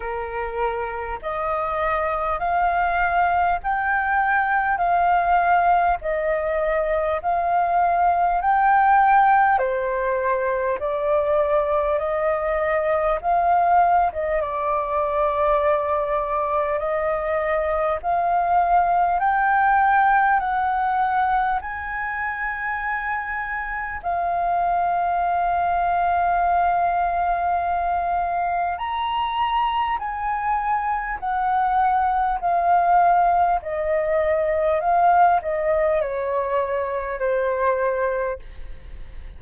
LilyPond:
\new Staff \with { instrumentName = "flute" } { \time 4/4 \tempo 4 = 50 ais'4 dis''4 f''4 g''4 | f''4 dis''4 f''4 g''4 | c''4 d''4 dis''4 f''8. dis''16 | d''2 dis''4 f''4 |
g''4 fis''4 gis''2 | f''1 | ais''4 gis''4 fis''4 f''4 | dis''4 f''8 dis''8 cis''4 c''4 | }